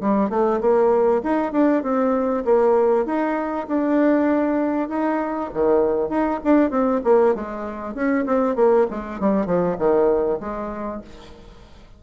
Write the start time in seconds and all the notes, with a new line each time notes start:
0.00 G3
0.29 A3
0.60 A#3
1.23 D#4
1.52 D4
1.83 C4
2.44 A#3
3.05 D#4
3.67 D4
4.88 D#4
5.53 D#3
6.09 D#4
6.43 D4
6.70 C4
7.04 A#3
7.34 G#3
7.94 C#4
8.25 C4
8.55 A#3
8.90 G#3
9.19 G3
9.45 F3
9.78 D#3
10.40 G#3